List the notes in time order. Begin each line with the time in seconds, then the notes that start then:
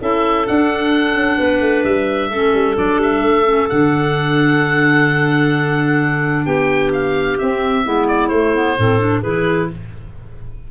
0.00 C#4 E4 A4 E5
0.45 D4 F#5
1.15 C#4
1.37 B3 B4
1.60 A3
1.84 G3 E5
2.29 A3 C#4 A4
2.53 G3
2.75 F#3 D4 D5
2.97 G3 E5
3.19 A3
3.44 C#4
3.69 D3 D4 F#5
6.45 B3 G4 G5
6.92 F5
7.38 C4 E5
7.84 G#3 B3 E4
8.07 D5
8.28 A3 C5
8.54 B3
8.77 A2 C4 A4
8.98 D4
9.21 E3 E4 G#4 B4